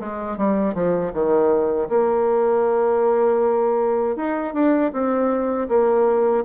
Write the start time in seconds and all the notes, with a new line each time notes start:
0.00 G#3
0.38 G3
0.75 F3
1.13 D#3
1.89 A#3
4.16 D#4
4.54 D4
4.93 C4
5.69 A#3